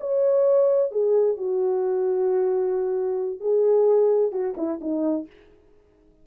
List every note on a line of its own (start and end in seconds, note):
0.00 0.91 C#5
0.91 1.37 G#4
1.37 3.40 F#4
3.40 4.32 G#4
4.32 4.54 F#4
4.57 4.80 E4
4.81 5.27 D#4